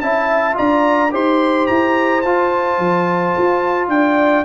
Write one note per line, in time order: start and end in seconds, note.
0.00 0.57 C#4
0.00 0.53 E4
0.00 0.57 E5
0.00 0.56 A5
0.53 1.13 D4
0.53 1.09 F4
0.53 1.12 D5
0.53 1.13 A#5
1.11 1.69 D#4
1.11 2.22 G4
1.11 3.90 C5
1.11 1.67 C6
1.67 2.24 E4
1.67 2.21 A#5
2.21 2.78 F4
2.21 4.44 F4
2.21 3.87 A5
2.78 3.34 F3
3.38 3.88 F4
3.88 4.43 D4
3.88 4.44 D5
3.88 4.44 G5